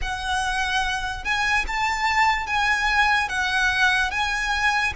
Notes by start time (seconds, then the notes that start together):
0.01 F#5
1.24 G#5
1.67 A5
2.47 G#5
3.28 F#5
4.11 G#5